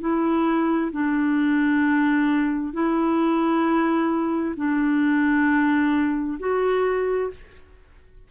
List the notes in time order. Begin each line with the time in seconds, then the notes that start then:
0.00 E4
0.92 D4
2.73 E4
4.56 D4
6.39 F#4